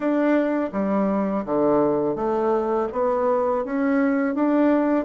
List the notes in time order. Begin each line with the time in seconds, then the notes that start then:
0.00 D4
0.72 G3
1.45 D3
2.15 A3
2.92 B3
3.64 C#4
4.34 D4